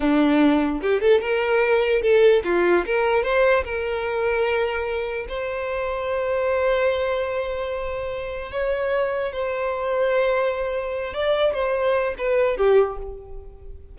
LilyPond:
\new Staff \with { instrumentName = "violin" } { \time 4/4 \tempo 4 = 148 d'2 g'8 a'8 ais'4~ | ais'4 a'4 f'4 ais'4 | c''4 ais'2.~ | ais'4 c''2.~ |
c''1~ | c''4 cis''2 c''4~ | c''2.~ c''8 d''8~ | d''8 c''4. b'4 g'4 | }